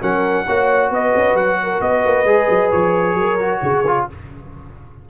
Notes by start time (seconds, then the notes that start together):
0.00 F#3 C#4 A#4 F#5
0.46 A#3 F#4 C#5
0.90 B3 B4 D#5
1.15 C#4
1.34 F#3 F#5
1.63 A#4
1.81 B3 B4 D#5
2.05 A#3
2.24 G#3 G#4
2.49 F#3
2.71 F3 C#5
3.14 F#3 A#4
3.39 F#4
3.61 C#3 G#4
3.87 F4